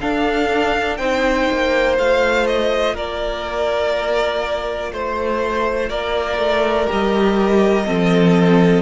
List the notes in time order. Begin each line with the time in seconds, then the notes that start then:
0.00 D4 A4 F5
0.96 C4 D#4 C5 G5
1.51 A#3
1.97 A3 F4 F5
2.47 D#5
2.94 A#3 A#4 D5
4.92 A3 C5
5.89 A#3 A#4 D5
6.38 A3
6.86 G3 G4 D#5
7.86 F3 C4 A4